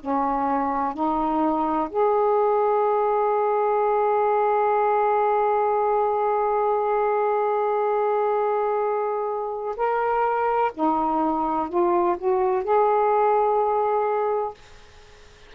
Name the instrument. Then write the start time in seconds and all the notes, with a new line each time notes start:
saxophone
0.00 C#4
0.94 D#4
1.90 G#4
9.77 A#4
10.74 D#4
11.69 F4
12.18 F#4
12.64 G#4